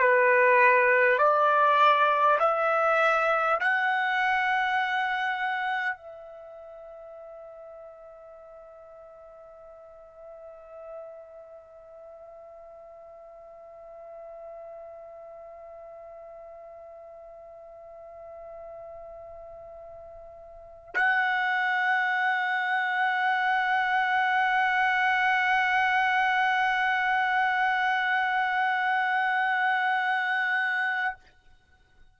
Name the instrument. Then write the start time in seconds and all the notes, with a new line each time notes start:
trumpet
0.00 B4
1.18 D5
2.40 E5
3.61 F#5
5.97 E5
20.95 F#5